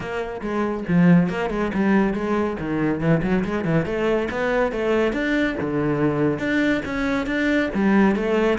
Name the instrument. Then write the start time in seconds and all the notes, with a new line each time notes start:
cello
0.00 A#3
0.41 G#3
0.88 F3
1.29 A#3
1.50 G#3
1.74 G3
2.13 G#3
2.59 D#3
3.00 E3
3.22 F#3
3.44 G#3
3.64 E3
3.85 A3
4.30 B3
4.71 A3
5.12 D4
5.60 D3
6.39 D4
6.85 C#4
7.26 D4
7.74 G3
8.15 A3